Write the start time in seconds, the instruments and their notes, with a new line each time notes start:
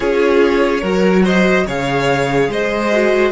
0.00 cello C#4, viola F4, violin G#4 C#5
0.81 cello F#3, viola F#4, violin A#4
1.24 violin C5 D#5
1.66 cello C#3, viola G#4, violin C#5 F5
2.48 cello G#3, violin C5 D#5
2.92 viola F#4